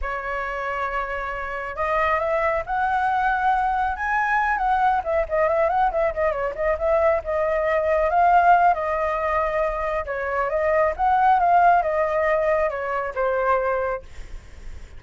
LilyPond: \new Staff \with { instrumentName = "flute" } { \time 4/4 \tempo 4 = 137 cis''1 | dis''4 e''4 fis''2~ | fis''4 gis''4. fis''4 e''8 | dis''8 e''8 fis''8 e''8 dis''8 cis''8 dis''8 e''8~ |
e''8 dis''2 f''4. | dis''2. cis''4 | dis''4 fis''4 f''4 dis''4~ | dis''4 cis''4 c''2 | }